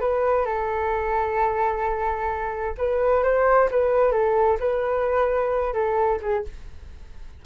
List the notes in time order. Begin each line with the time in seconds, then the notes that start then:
0.00 B4
0.45 A4
2.77 B4
3.23 C5
3.71 B4
4.11 A4
4.59 B4
5.73 A4
6.21 G#4